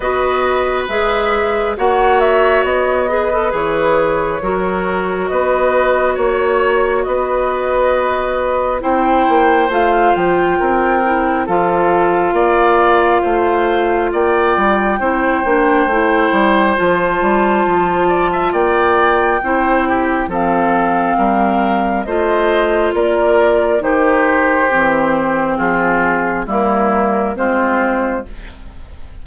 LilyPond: <<
  \new Staff \with { instrumentName = "flute" } { \time 4/4 \tempo 4 = 68 dis''4 e''4 fis''8 e''8 dis''4 | cis''2 dis''4 cis''4 | dis''2 g''4 f''8 g''8~ | g''4 f''2. |
g''2. a''4~ | a''4 g''2 f''4~ | f''4 dis''4 d''4 c''4~ | c''4 gis'4 ais'4 c''4 | }
  \new Staff \with { instrumentName = "oboe" } { \time 4/4 b'2 cis''4. b'8~ | b'4 ais'4 b'4 cis''4 | b'2 c''2 | ais'4 a'4 d''4 c''4 |
d''4 c''2.~ | c''8 d''16 e''16 d''4 c''8 g'8 a'4 | ais'4 c''4 ais'4 g'4~ | g'4 f'4 e'4 f'4 | }
  \new Staff \with { instrumentName = "clarinet" } { \time 4/4 fis'4 gis'4 fis'4. gis'16 a'16 | gis'4 fis'2.~ | fis'2 e'4 f'4~ | f'8 e'8 f'2.~ |
f'4 e'8 d'8 e'4 f'4~ | f'2 e'4 c'4~ | c'4 f'2 dis'4 | c'2 ais4 c'4 | }
  \new Staff \with { instrumentName = "bassoon" } { \time 4/4 b4 gis4 ais4 b4 | e4 fis4 b4 ais4 | b2 c'8 ais8 a8 f8 | c'4 f4 ais4 a4 |
ais8 g8 c'8 ais8 a8 g8 f8 g8 | f4 ais4 c'4 f4 | g4 a4 ais4 dis4 | e4 f4 g4 gis4 | }
>>